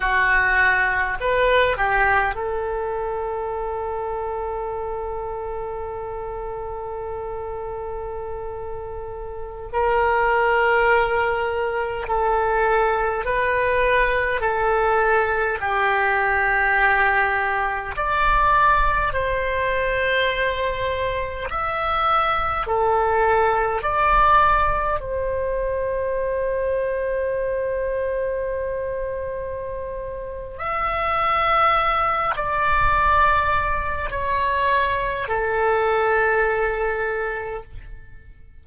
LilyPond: \new Staff \with { instrumentName = "oboe" } { \time 4/4 \tempo 4 = 51 fis'4 b'8 g'8 a'2~ | a'1~ | a'16 ais'2 a'4 b'8.~ | b'16 a'4 g'2 d''8.~ |
d''16 c''2 e''4 a'8.~ | a'16 d''4 c''2~ c''8.~ | c''2 e''4. d''8~ | d''4 cis''4 a'2 | }